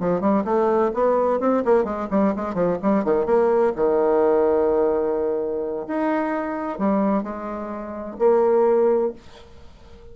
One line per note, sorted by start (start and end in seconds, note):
0.00 0.21 F3
0.21 0.44 G3
0.45 0.92 A3
0.94 1.40 B3
1.40 1.64 C4
1.65 1.85 A#3
1.85 2.08 G#3
2.11 2.34 G3
2.36 2.54 G#3
2.54 2.78 F3
2.82 3.04 G3
3.04 3.26 D#3
3.26 3.73 A#3
3.76 5.87 D#3
5.88 6.79 D#4
6.79 7.23 G3
7.23 8.17 G#3
8.19 9.13 A#3